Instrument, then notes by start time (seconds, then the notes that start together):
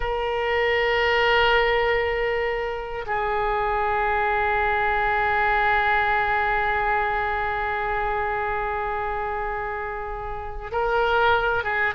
oboe
0.00 A#4
3.06 G#4
10.71 A#4
11.63 G#4